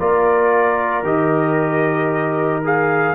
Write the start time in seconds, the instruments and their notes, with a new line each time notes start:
0.00 tuba A#3, trombone F4, horn A#4, trumpet D5
1.03 tuba D#3, trombone G4, trumpet D#5
2.64 trombone G#4, trumpet F5